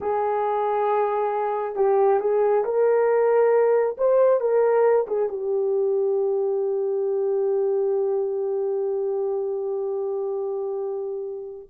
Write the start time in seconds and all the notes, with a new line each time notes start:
0.00 G#4
1.75 G4
2.20 G#4
2.64 A#4
3.97 C5
4.40 A#4
5.07 G#4
5.28 G4